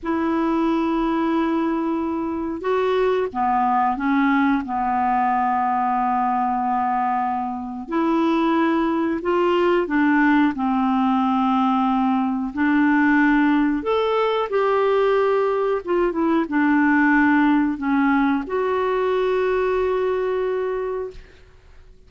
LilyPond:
\new Staff \with { instrumentName = "clarinet" } { \time 4/4 \tempo 4 = 91 e'1 | fis'4 b4 cis'4 b4~ | b1 | e'2 f'4 d'4 |
c'2. d'4~ | d'4 a'4 g'2 | f'8 e'8 d'2 cis'4 | fis'1 | }